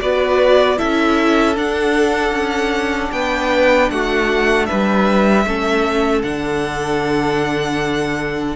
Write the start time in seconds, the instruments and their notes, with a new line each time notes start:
0.00 cello B3, viola F#4, violin B4 D5
0.77 cello C#4, viola E4, violin A4 E5
1.55 viola D4, cello D4, violin F#5
2.31 cello C#4
3.12 cello B3, violin B4 G5
3.90 cello A3, violin F#4 F#5
4.66 cello G3, violin B4 E5
5.45 cello A3, viola C#4, violin A4
6.22 cello D3, viola D4, violin F#5